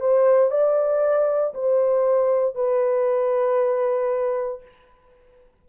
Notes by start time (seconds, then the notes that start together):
0.00 C5
0.50 D5
1.54 C5
2.55 B4